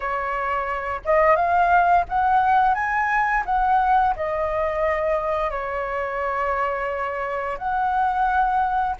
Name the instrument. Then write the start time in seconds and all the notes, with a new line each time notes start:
flute
0.00 C#5
1.05 D#5
1.35 F5
2.08 F#5
2.74 G#5
3.45 F#5
4.16 D#5
5.50 C#5
7.58 F#5